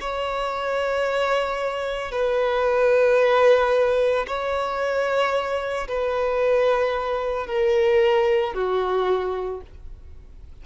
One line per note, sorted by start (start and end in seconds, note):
0.00 2.11 C#5
2.11 4.26 B4
4.27 5.88 C#5
5.88 7.47 B4
7.47 8.54 A#4
8.54 9.61 F#4